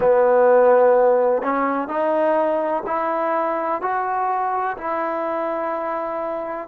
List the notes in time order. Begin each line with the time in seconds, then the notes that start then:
0.00 B3
1.42 C#4
1.88 D#4
2.86 E4
3.81 F#4
4.77 E4